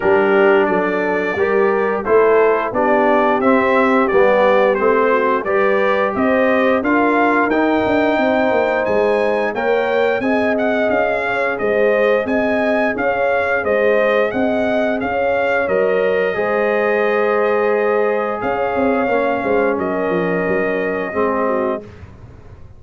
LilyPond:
<<
  \new Staff \with { instrumentName = "trumpet" } { \time 4/4 \tempo 4 = 88 ais'4 d''2 c''4 | d''4 e''4 d''4 c''4 | d''4 dis''4 f''4 g''4~ | g''4 gis''4 g''4 gis''8 fis''8 |
f''4 dis''4 gis''4 f''4 | dis''4 fis''4 f''4 dis''4~ | dis''2. f''4~ | f''4 dis''2. | }
  \new Staff \with { instrumentName = "horn" } { \time 4/4 g'4 a'4 ais'4 a'4 | g'2.~ g'8 fis'8 | b'4 c''4 ais'2 | c''2 cis''4 dis''4~ |
dis''8 cis''8 c''4 dis''4 cis''4 | c''4 dis''4 cis''2 | c''2. cis''4~ | cis''8 c''8 ais'2 gis'8 fis'8 | }
  \new Staff \with { instrumentName = "trombone" } { \time 4/4 d'2 g'4 e'4 | d'4 c'4 b4 c'4 | g'2 f'4 dis'4~ | dis'2 ais'4 gis'4~ |
gis'1~ | gis'2. ais'4 | gis'1 | cis'2. c'4 | }
  \new Staff \with { instrumentName = "tuba" } { \time 4/4 g4 fis4 g4 a4 | b4 c'4 g4 a4 | g4 c'4 d'4 dis'8 d'8 | c'8 ais8 gis4 ais4 c'4 |
cis'4 gis4 c'4 cis'4 | gis4 c'4 cis'4 fis4 | gis2. cis'8 c'8 | ais8 gis8 fis8 f8 fis4 gis4 | }
>>